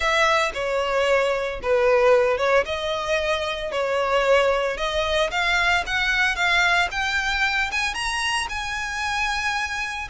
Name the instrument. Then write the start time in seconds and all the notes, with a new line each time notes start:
violin
0.00 E5
0.54 C#5
1.62 B4
2.37 C#5
2.65 D#5
3.71 C#5
4.77 D#5
5.30 F5
5.86 F#5
6.35 F5
6.91 G5
7.71 G#5
7.94 A#5
8.49 G#5